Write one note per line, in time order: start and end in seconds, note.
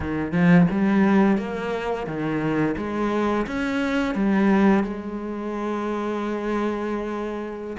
0.00 0.32 D#3
0.32 0.66 F3
0.71 1.37 G3
1.37 2.06 A#3
2.06 2.75 D#3
2.77 3.46 G#3
3.46 4.14 C#4
4.14 4.83 G3
4.83 7.76 G#3